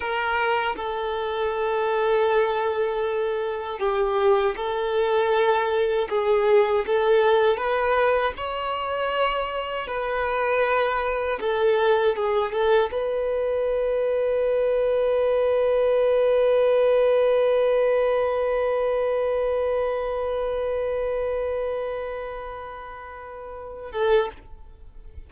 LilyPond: \new Staff \with { instrumentName = "violin" } { \time 4/4 \tempo 4 = 79 ais'4 a'2.~ | a'4 g'4 a'2 | gis'4 a'4 b'4 cis''4~ | cis''4 b'2 a'4 |
gis'8 a'8 b'2.~ | b'1~ | b'1~ | b'2.~ b'8 a'8 | }